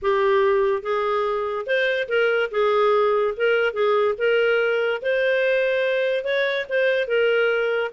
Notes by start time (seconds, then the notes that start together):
0.02 G4
0.82 G#4
1.66 C5
2.08 A#4
2.51 G#4
3.36 A#4
3.73 G#4
4.18 A#4
5.02 C5
6.24 C#5
6.69 C5
7.07 A#4